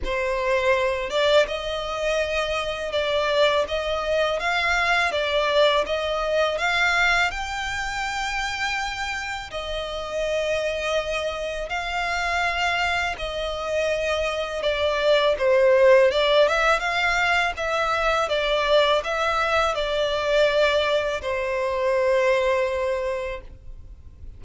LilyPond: \new Staff \with { instrumentName = "violin" } { \time 4/4 \tempo 4 = 82 c''4. d''8 dis''2 | d''4 dis''4 f''4 d''4 | dis''4 f''4 g''2~ | g''4 dis''2. |
f''2 dis''2 | d''4 c''4 d''8 e''8 f''4 | e''4 d''4 e''4 d''4~ | d''4 c''2. | }